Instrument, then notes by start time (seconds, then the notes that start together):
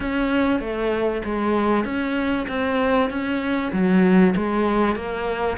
cello
0.00 C#4
0.60 A3
1.24 G#3
1.84 C#4
2.48 C4
3.09 C#4
3.72 F#3
4.36 G#3
4.95 A#3